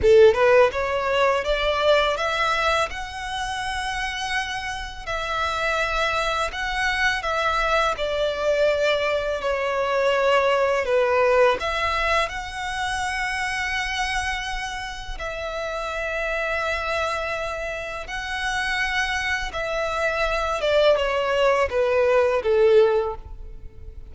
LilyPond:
\new Staff \with { instrumentName = "violin" } { \time 4/4 \tempo 4 = 83 a'8 b'8 cis''4 d''4 e''4 | fis''2. e''4~ | e''4 fis''4 e''4 d''4~ | d''4 cis''2 b'4 |
e''4 fis''2.~ | fis''4 e''2.~ | e''4 fis''2 e''4~ | e''8 d''8 cis''4 b'4 a'4 | }